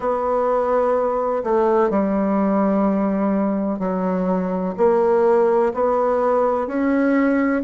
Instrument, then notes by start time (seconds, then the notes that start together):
bassoon
0.00 B3
1.43 A3
1.90 G3
3.79 F#3
4.77 A#3
5.74 B3
6.67 C#4